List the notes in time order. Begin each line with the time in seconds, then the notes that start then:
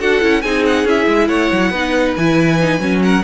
0.00 D4 F#4 A4 F#5
0.22 C#4 E4
0.42 C4 D#4 G#4 G#5
0.66 F#5
0.85 C#4 E4 E5
1.08 G#3
1.28 A3 C#5 F#5
1.52 F#3
1.71 B3 D#4 B4
2.17 E3 E4 G#5
2.61 D#4
2.79 F#3 C#4
3.03 A#4 F#5